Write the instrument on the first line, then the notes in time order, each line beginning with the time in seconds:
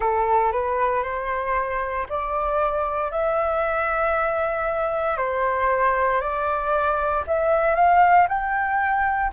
flute
0.00 A4
0.52 B4
1.03 C5
2.09 D5
3.11 E5
5.17 C5
6.20 D5
7.27 E5
7.75 F5
8.28 G5